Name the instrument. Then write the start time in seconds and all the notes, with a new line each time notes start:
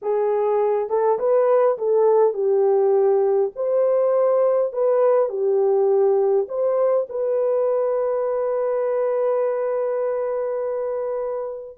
horn
0.02 G#4
0.89 A4
1.18 B4
1.78 A4
2.33 G4
3.55 C5
4.72 B4
5.29 G4
6.48 C5
7.09 B4